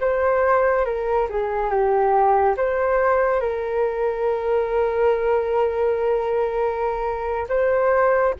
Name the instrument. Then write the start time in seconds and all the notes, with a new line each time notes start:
flute
0.00 C5
0.85 A#4
1.29 G#4
1.69 G4
2.57 C5
3.40 A#4
7.48 C5